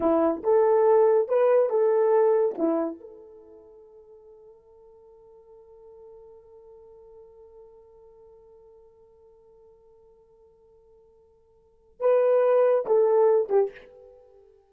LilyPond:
\new Staff \with { instrumentName = "horn" } { \time 4/4 \tempo 4 = 140 e'4 a'2 b'4 | a'2 e'4 a'4~ | a'1~ | a'1~ |
a'1~ | a'1~ | a'1 | b'2 a'4. g'8 | }